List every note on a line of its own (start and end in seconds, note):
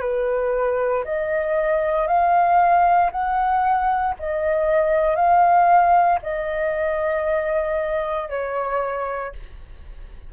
0.00 1.03 B4
1.04 2.07 D#5
2.07 3.10 F5
3.11 4.15 F#5
4.19 5.15 D#5
5.15 6.19 F5
6.22 8.29 D#5
8.29 9.32 C#5